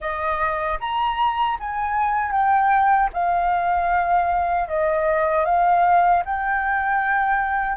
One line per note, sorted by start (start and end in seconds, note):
0.00 0.78 D#5
0.80 1.58 A#5
1.59 2.31 G#5
2.31 3.09 G5
3.13 4.68 F5
4.68 5.45 D#5
5.45 6.23 F5
6.25 7.76 G5